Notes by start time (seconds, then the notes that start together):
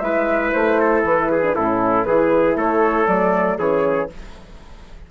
0.00 G#3 E4 B4 E5
0.53 A3 C5
0.80 A4
1.04 E3 B4
1.31 G#4
1.43 D4
1.55 A2 C#4 E4 A4
2.04 E3 E4 G#4 B4
2.56 A3 A4 C#5
3.08 F#3 A3 D5
3.58 E3 C#4 G#4 C#5